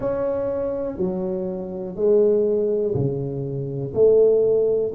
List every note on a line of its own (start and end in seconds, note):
0.00 0.97 C#4
0.97 1.95 F#3
1.95 2.94 G#3
2.94 3.93 C#3
3.93 4.92 A3